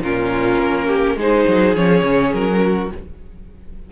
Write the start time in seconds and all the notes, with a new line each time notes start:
0.00 A#2 C#4 F4 A#4
0.58 A#3
0.87 G4
1.16 G#3 D#4 G#4 C5
1.48 F#3
1.75 F3 C#4 C#5
2.02 C#3
2.33 F#3 A#4
2.62 F#4